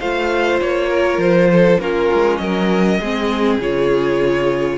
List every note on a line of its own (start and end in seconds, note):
0.00 0.61 A3
0.00 1.80 F4
0.00 0.90 C5
0.00 0.60 F5
0.61 1.18 A#3
0.61 1.21 C#5
0.90 1.50 A#4
1.18 1.78 F3
1.18 1.80 C5
1.52 1.81 A4
1.80 2.10 A#3
1.80 3.00 C#4
1.80 2.42 F4
1.80 2.38 A#4
2.14 2.40 G#3
2.38 3.00 F#3
2.38 3.00 A#4
2.38 3.58 D#5
3.00 3.59 G#3
3.00 3.62 C4
3.00 4.78 G#4
3.59 4.78 C#3
3.59 4.78 F4
3.59 4.78 C#5